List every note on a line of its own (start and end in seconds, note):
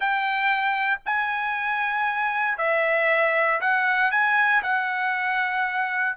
0.00 1.00 G5
1.05 2.57 G#5
2.57 3.60 E5
3.61 4.11 F#5
4.11 4.62 G#5
4.62 6.16 F#5